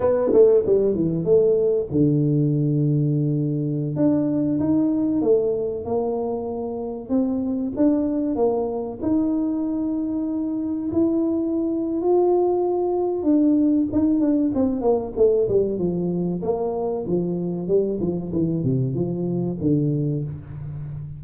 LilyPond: \new Staff \with { instrumentName = "tuba" } { \time 4/4 \tempo 4 = 95 b8 a8 g8 e8 a4 d4~ | d2~ d16 d'4 dis'8.~ | dis'16 a4 ais2 c'8.~ | c'16 d'4 ais4 dis'4.~ dis'16~ |
dis'4~ dis'16 e'4.~ e'16 f'4~ | f'4 d'4 dis'8 d'8 c'8 ais8 | a8 g8 f4 ais4 f4 | g8 f8 e8 c8 f4 d4 | }